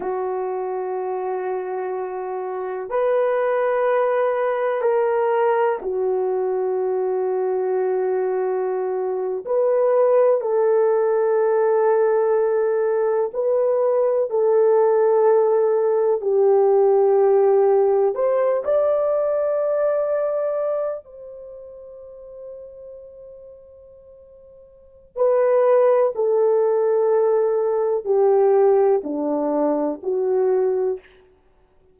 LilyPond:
\new Staff \with { instrumentName = "horn" } { \time 4/4 \tempo 4 = 62 fis'2. b'4~ | b'4 ais'4 fis'2~ | fis'4.~ fis'16 b'4 a'4~ a'16~ | a'4.~ a'16 b'4 a'4~ a'16~ |
a'8. g'2 c''8 d''8.~ | d''4.~ d''16 c''2~ c''16~ | c''2 b'4 a'4~ | a'4 g'4 d'4 fis'4 | }